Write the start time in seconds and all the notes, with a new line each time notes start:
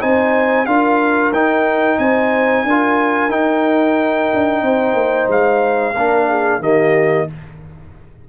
0.00 C4 D#4 C5 G#5
0.66 D4 F4 A#4 F5
1.31 D#4 G5
1.98 C4 C5 G#5
2.64 D4 F4 A#4
3.29 D#4 G5
4.33 D4
4.62 C4 C5
4.93 A#3
5.27 G#3 F5
5.94 A#3 D4 A#4
6.27 G#4
6.59 D#3 A#3 G4 D#5